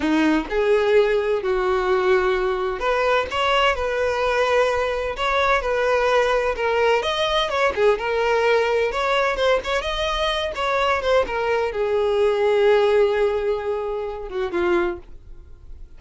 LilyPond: \new Staff \with { instrumentName = "violin" } { \time 4/4 \tempo 4 = 128 dis'4 gis'2 fis'4~ | fis'2 b'4 cis''4 | b'2. cis''4 | b'2 ais'4 dis''4 |
cis''8 gis'8 ais'2 cis''4 | c''8 cis''8 dis''4. cis''4 c''8 | ais'4 gis'2.~ | gis'2~ gis'8 fis'8 f'4 | }